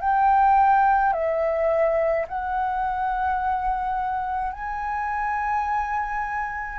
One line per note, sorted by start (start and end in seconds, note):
0.00 1.12 G5
1.12 2.25 E5
2.27 4.52 F#5
4.52 6.78 G#5